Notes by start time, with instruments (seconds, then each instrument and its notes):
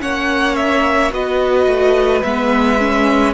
0.00 cello A#3, viola C#4, violin C#5 F#5
0.56 violin E5
1.10 cello B3, viola F#4, violin B4 D#5
1.67 cello A3
2.23 cello G#3, viola B3, violin E5
2.79 viola C#4